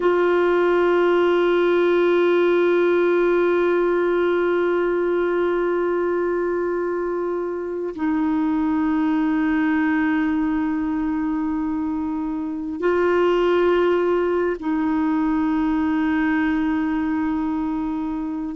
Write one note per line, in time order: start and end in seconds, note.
0.00 7.94 F4
7.95 12.79 D#4
12.79 14.56 F4
14.59 18.55 D#4